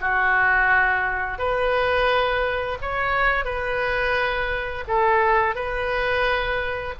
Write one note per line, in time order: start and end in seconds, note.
0.00 1.38 F#4
1.38 2.78 B4
2.81 3.44 C#5
3.44 4.84 B4
4.87 5.55 A4
5.55 6.94 B4